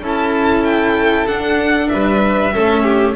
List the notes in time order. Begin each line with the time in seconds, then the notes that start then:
0.00 C#4 E4 A4
0.06 A5
0.64 G5
1.27 D4 F#5
1.89 G3 B4 E5
2.53 A3 C#4 A4
2.83 G4